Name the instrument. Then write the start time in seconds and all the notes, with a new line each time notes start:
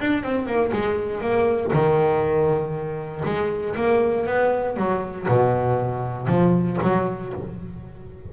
double bass
0.00 D4
0.23 C4
0.47 A#3
0.73 G#3
1.21 A#3
1.73 D#3
3.25 G#3
3.76 A#3
4.26 B3
4.77 F#3
5.28 B2
6.28 F3
6.83 F#3